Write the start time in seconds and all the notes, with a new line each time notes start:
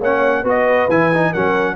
0.00 A#3 C#4 C#5 F#5
0.43 B3 F#4 B4
0.49 D#5
0.89 E3 E4 G#5
1.14 D#4
1.31 F#3 C#4 A#4 F#5